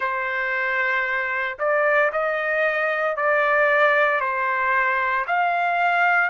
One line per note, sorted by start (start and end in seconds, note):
0.00 1.58 C5
1.58 2.11 D5
2.12 3.16 D#5
3.16 4.20 D5
4.20 5.25 C5
5.27 6.29 F5